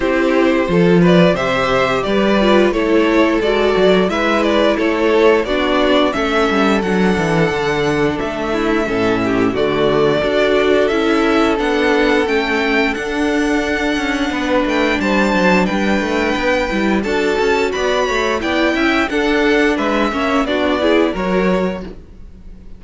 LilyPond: <<
  \new Staff \with { instrumentName = "violin" } { \time 4/4 \tempo 4 = 88 c''4. d''8 e''4 d''4 | cis''4 d''4 e''8 d''8 cis''4 | d''4 e''4 fis''2 | e''2 d''2 |
e''4 fis''4 g''4 fis''4~ | fis''4. g''8 a''4 g''4~ | g''4 a''4 b''4 g''4 | fis''4 e''4 d''4 cis''4 | }
  \new Staff \with { instrumentName = "violin" } { \time 4/4 g'4 a'8 b'8 c''4 b'4 | a'2 b'4 a'4 | fis'4 a'2.~ | a'8 e'8 a'8 g'8 fis'4 a'4~ |
a'1~ | a'4 b'4 c''4 b'4~ | b'4 a'4 d''8 cis''8 d''8 e''8 | a'4 b'8 cis''8 fis'8 gis'8 ais'4 | }
  \new Staff \with { instrumentName = "viola" } { \time 4/4 e'4 f'4 g'4. f'8 | e'4 fis'4 e'2 | d'4 cis'4 d'2~ | d'4 cis'4 a4 fis'4 |
e'4 d'4 cis'4 d'4~ | d'1~ | d'8 e'8 fis'2 e'4 | d'4. cis'8 d'8 e'8 fis'4 | }
  \new Staff \with { instrumentName = "cello" } { \time 4/4 c'4 f4 c4 g4 | a4 gis8 fis8 gis4 a4 | b4 a8 g8 fis8 e8 d4 | a4 a,4 d4 d'4 |
cis'4 b4 a4 d'4~ | d'8 cis'8 b8 a8 g8 fis8 g8 a8 | b8 g8 d'8 cis'8 b8 a8 b8 cis'8 | d'4 gis8 ais8 b4 fis4 | }
>>